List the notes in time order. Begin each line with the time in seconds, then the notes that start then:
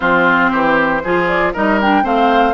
0.00 F3 C4 F4 C5
0.50 E3 G4
1.04 F3 F4 G#4
1.27 D5
1.53 G3 D#4 A#4 D#5
1.81 D4 G5
2.03 A3 C4 C5 F5